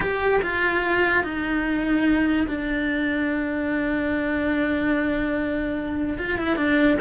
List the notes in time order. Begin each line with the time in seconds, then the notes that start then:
0.00 G4
0.42 F4
1.23 D#4
2.47 D4
6.18 F4
6.38 E4
6.56 D4